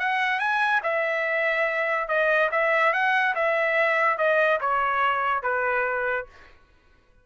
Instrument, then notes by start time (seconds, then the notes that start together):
trumpet
0.00 F#5
0.40 G#5
0.84 E5
2.09 D#5
2.52 E5
2.93 F#5
3.35 E5
4.18 D#5
4.61 C#5
5.43 B4